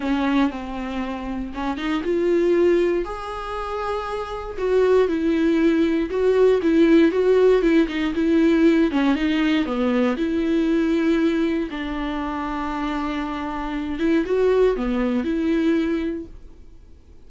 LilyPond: \new Staff \with { instrumentName = "viola" } { \time 4/4 \tempo 4 = 118 cis'4 c'2 cis'8 dis'8 | f'2 gis'2~ | gis'4 fis'4 e'2 | fis'4 e'4 fis'4 e'8 dis'8 |
e'4. cis'8 dis'4 b4 | e'2. d'4~ | d'2.~ d'8 e'8 | fis'4 b4 e'2 | }